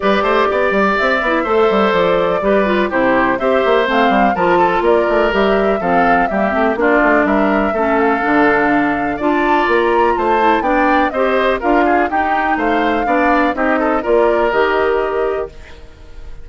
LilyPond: <<
  \new Staff \with { instrumentName = "flute" } { \time 4/4 \tempo 4 = 124 d''2 e''2 | d''2 c''4 e''4 | f''4 a''4 d''4 e''4 | f''4 e''4 d''4 e''4~ |
e''8 f''2~ f''8 a''4 | ais''4 a''4 g''4 dis''4 | f''4 g''4 f''2 | dis''4 d''4 dis''2 | }
  \new Staff \with { instrumentName = "oboe" } { \time 4/4 b'8 c''8 d''2 c''4~ | c''4 b'4 g'4 c''4~ | c''4 ais'8 a'8 ais'2 | a'4 g'4 f'4 ais'4 |
a'2. d''4~ | d''4 c''4 d''4 c''4 | ais'8 gis'8 g'4 c''4 d''4 | g'8 a'8 ais'2. | }
  \new Staff \with { instrumentName = "clarinet" } { \time 4/4 g'2~ g'8 e'8 a'4~ | a'4 g'8 f'8 e'4 g'4 | c'4 f'2 g'4 | c'4 ais8 c'8 d'2 |
cis'4 d'2 f'4~ | f'4. e'8 d'4 g'4 | f'4 dis'2 d'4 | dis'4 f'4 g'2 | }
  \new Staff \with { instrumentName = "bassoon" } { \time 4/4 g8 a8 b8 g8 c'8 b8 a8 g8 | f4 g4 c4 c'8 ais8 | a8 g8 f4 ais8 a8 g4 | f4 g8 a8 ais8 a8 g4 |
a4 d2 d'4 | ais4 a4 b4 c'4 | d'4 dis'4 a4 b4 | c'4 ais4 dis2 | }
>>